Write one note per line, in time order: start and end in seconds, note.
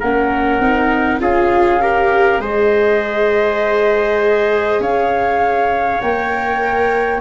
0.00 0.60 A#3
0.00 0.62 C#4
0.00 1.20 A#4
0.00 1.20 F#5
0.60 1.21 C4
0.60 1.20 D#4
1.20 2.39 C#4
1.20 1.80 F4
1.20 1.81 G#4
1.20 2.41 F5
1.81 2.41 G4
1.81 2.41 A#4
2.39 4.79 G#3
2.39 6.01 G#4
2.39 4.81 C5
2.39 4.81 D#5
4.80 6.00 C#4
4.80 7.21 C#5
4.80 6.01 F5
6.01 7.21 A#3
6.01 7.21 A#4
6.01 7.21 G5